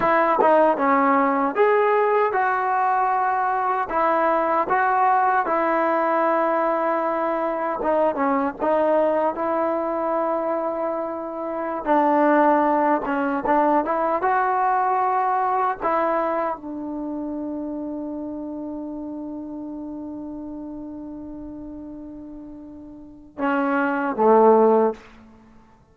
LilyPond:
\new Staff \with { instrumentName = "trombone" } { \time 4/4 \tempo 4 = 77 e'8 dis'8 cis'4 gis'4 fis'4~ | fis'4 e'4 fis'4 e'4~ | e'2 dis'8 cis'8 dis'4 | e'2.~ e'16 d'8.~ |
d'8. cis'8 d'8 e'8 fis'4.~ fis'16~ | fis'16 e'4 d'2~ d'8.~ | d'1~ | d'2 cis'4 a4 | }